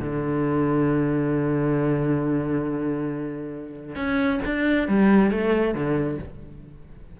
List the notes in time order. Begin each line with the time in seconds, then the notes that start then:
0.00 D3
3.95 C#4
4.45 D4
4.88 G3
5.31 A3
5.75 D3